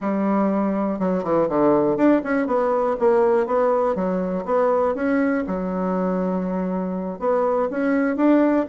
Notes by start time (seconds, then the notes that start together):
0.00 G3
0.99 F#3
1.23 E3
1.49 D3
1.96 D4
2.23 C#4
2.47 B3
2.99 A#3
3.46 B3
3.95 F#3
4.45 B3
4.94 C#4
5.46 F#3
7.19 B3
7.70 C#4
8.16 D4